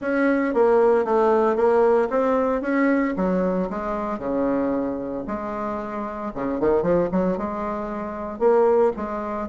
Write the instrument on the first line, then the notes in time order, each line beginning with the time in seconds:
bassoon
0.01 C#4
0.54 A#3
1.04 A3
1.56 A#3
2.10 C4
2.61 C#4
3.16 F#3
3.70 G#3
4.18 C#3
5.27 G#3
6.34 C#3
6.60 D#3
6.82 F3
7.11 F#3
7.37 G#3
8.39 A#3
8.96 G#3